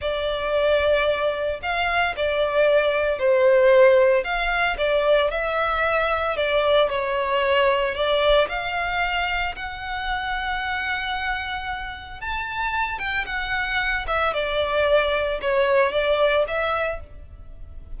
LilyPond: \new Staff \with { instrumentName = "violin" } { \time 4/4 \tempo 4 = 113 d''2. f''4 | d''2 c''2 | f''4 d''4 e''2 | d''4 cis''2 d''4 |
f''2 fis''2~ | fis''2. a''4~ | a''8 g''8 fis''4. e''8 d''4~ | d''4 cis''4 d''4 e''4 | }